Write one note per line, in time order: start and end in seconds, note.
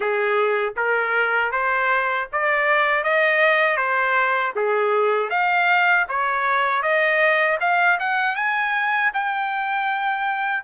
0.00 0.74 G#4
0.76 1.51 A#4
1.51 2.27 C5
2.32 3.03 D5
3.03 3.76 D#5
3.76 4.52 C5
4.55 5.30 G#4
5.30 6.06 F5
6.08 6.82 C#5
6.82 7.58 D#5
7.60 7.98 F5
8.00 8.35 F#5
8.35 9.11 G#5
9.13 10.63 G5